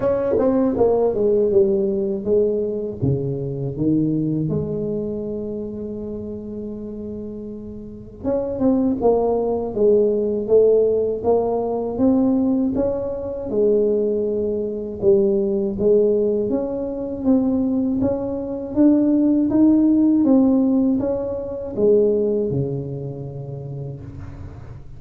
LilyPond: \new Staff \with { instrumentName = "tuba" } { \time 4/4 \tempo 4 = 80 cis'8 c'8 ais8 gis8 g4 gis4 | cis4 dis4 gis2~ | gis2. cis'8 c'8 | ais4 gis4 a4 ais4 |
c'4 cis'4 gis2 | g4 gis4 cis'4 c'4 | cis'4 d'4 dis'4 c'4 | cis'4 gis4 cis2 | }